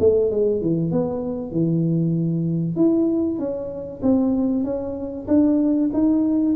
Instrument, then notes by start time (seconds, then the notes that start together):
tuba
0.00 A3
0.31 G#3
0.62 E3
0.92 B3
1.52 E3
2.76 E4
3.39 C#4
4.03 C4
4.64 C#4
5.28 D4
5.93 D#4